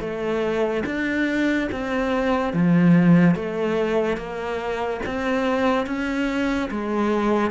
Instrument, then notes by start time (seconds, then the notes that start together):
cello
0.00 A3
0.86 D4
1.71 C4
2.53 F3
3.35 A3
4.17 A#3
5.06 C4
5.86 C#4
6.70 G#3